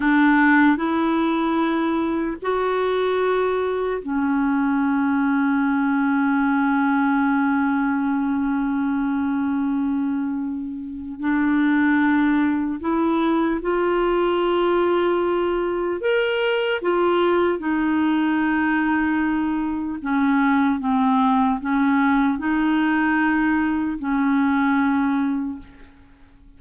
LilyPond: \new Staff \with { instrumentName = "clarinet" } { \time 4/4 \tempo 4 = 75 d'4 e'2 fis'4~ | fis'4 cis'2.~ | cis'1~ | cis'2 d'2 |
e'4 f'2. | ais'4 f'4 dis'2~ | dis'4 cis'4 c'4 cis'4 | dis'2 cis'2 | }